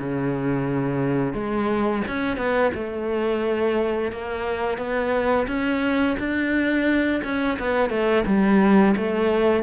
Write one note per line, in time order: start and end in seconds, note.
0.00 1.34 C#3
1.34 2.03 G#3
2.08 2.37 C#4
2.37 2.72 B3
2.75 4.12 A3
4.12 4.78 A#3
4.78 5.47 B3
5.48 6.17 C#4
6.19 7.23 D4
7.24 7.59 C#4
7.59 7.90 B3
7.90 8.25 A3
8.26 8.95 G3
8.97 9.64 A3